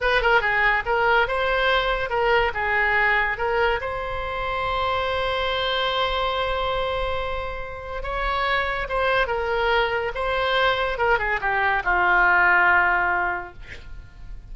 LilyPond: \new Staff \with { instrumentName = "oboe" } { \time 4/4 \tempo 4 = 142 b'8 ais'8 gis'4 ais'4 c''4~ | c''4 ais'4 gis'2 | ais'4 c''2.~ | c''1~ |
c''2. cis''4~ | cis''4 c''4 ais'2 | c''2 ais'8 gis'8 g'4 | f'1 | }